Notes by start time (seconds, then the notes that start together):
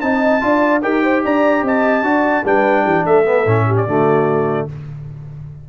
0.00 C4 D#4 D#5 A5
0.41 D4 F4 D5
0.82 D#4 G4 A#4 G5
1.02 C5
1.24 D4 D5 A#5
1.62 C4 D#5 A5
2.02 D4 F#4 D5
2.45 G3 D4 B4 G5
2.83 E3 G4
3.05 A3 A4 E5
3.25 B3
3.45 A2 C#4
3.67 G4
3.76 D5
3.86 D3 A3 F#4